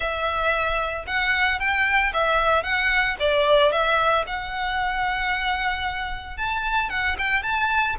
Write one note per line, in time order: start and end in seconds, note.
0.00 1.05 E5
1.06 1.59 F#5
1.59 2.12 G5
2.13 2.63 E5
2.63 3.16 F#5
3.19 3.71 D5
3.71 4.25 E5
4.26 6.37 F#5
6.37 6.89 A5
6.89 7.16 F#5
7.18 7.42 G5
7.42 7.95 A5